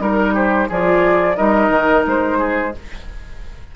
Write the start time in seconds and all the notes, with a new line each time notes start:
0.00 G3 D#4 A#4
0.35 G4 C5
0.69 F3 F4 G#4 D5
1.36 G3 D#4 A#4 D#5
1.70 D#3
2.07 G#3 C5
2.39 G#4